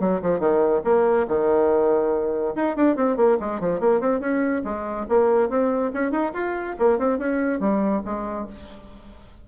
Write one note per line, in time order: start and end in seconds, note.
0.00 0.21 F#3
0.22 0.39 F3
0.39 0.82 D#3
0.85 1.27 A#3
1.28 2.55 D#3
2.56 2.76 D#4
2.76 2.96 D4
2.96 3.17 C4
3.17 3.38 A#3
3.40 3.60 G#3
3.60 3.80 F3
3.80 4.01 A#3
4.01 4.20 C4
4.20 4.63 C#4
4.64 5.07 G#3
5.09 5.49 A#3
5.49 5.92 C4
5.94 6.11 C#4
6.11 6.32 D#4
6.34 6.76 F4
6.79 6.99 A#3
6.99 7.19 C4
7.19 7.60 C#4
7.60 8.02 G3
8.05 8.47 G#3